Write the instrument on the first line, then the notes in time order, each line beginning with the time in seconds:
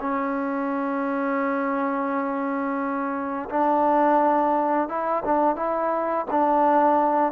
trombone
0.00 C#4
3.49 D4
4.88 E4
5.25 D4
5.56 E4
6.30 D4